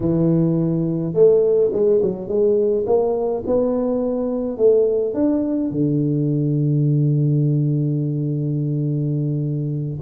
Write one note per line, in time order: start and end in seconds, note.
0.00 1.13 E3
1.13 1.70 A3
1.72 2.01 G#3
2.02 2.28 F#3
2.28 2.85 G#3
2.86 3.43 A#3
3.46 4.57 B3
4.57 5.14 A3
5.14 5.70 D4
5.70 9.99 D3